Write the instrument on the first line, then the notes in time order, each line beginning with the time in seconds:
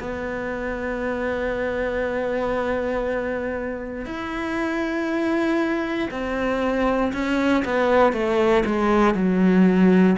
cello
0.00 B3
4.06 E4
6.11 C4
7.13 C#4
7.65 B3
8.13 A3
8.66 G#3
9.15 F#3